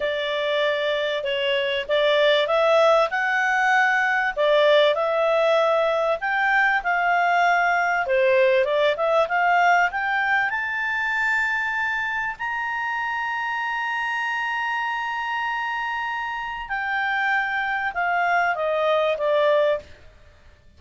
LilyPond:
\new Staff \with { instrumentName = "clarinet" } { \time 4/4 \tempo 4 = 97 d''2 cis''4 d''4 | e''4 fis''2 d''4 | e''2 g''4 f''4~ | f''4 c''4 d''8 e''8 f''4 |
g''4 a''2. | ais''1~ | ais''2. g''4~ | g''4 f''4 dis''4 d''4 | }